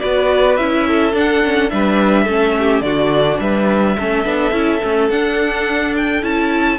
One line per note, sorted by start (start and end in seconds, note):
0.00 0.58 B3
0.00 0.57 F#4
0.00 0.87 B4
0.00 0.56 D5
0.56 1.13 C#4
0.56 1.13 E4
0.56 1.13 E5
0.87 1.72 A4
1.13 1.41 D4
1.13 1.70 D4
1.13 1.70 F#5
1.44 1.71 C#4
1.70 2.26 G3
1.70 2.27 D4
1.70 2.25 B4
1.70 2.81 E5
2.25 2.81 A3
2.25 2.84 C#4
2.25 2.53 A4
2.59 2.85 G4
2.81 3.38 D3
2.81 3.97 D4
2.81 3.41 F#4
2.81 3.38 D5
3.40 3.97 G3
3.40 3.97 B4
3.40 5.10 E5
3.97 4.25 A3
3.97 4.25 C#4
3.97 6.79 A4
4.25 4.52 B3
4.25 4.52 D4
4.52 4.80 C#4
4.52 4.81 E4
4.82 5.10 A3
4.82 5.11 C#4
5.10 6.23 D4
5.10 6.22 D4
5.10 5.95 F#5
5.97 6.24 G5
6.22 6.79 C#4
6.22 6.79 E4
6.22 6.79 A5